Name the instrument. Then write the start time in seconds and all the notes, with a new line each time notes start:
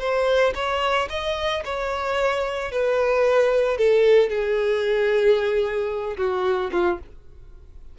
violin
0.00 C5
0.55 C#5
1.10 D#5
1.65 C#5
2.72 B4
3.78 A4
4.30 G#4
6.18 F#4
6.72 F4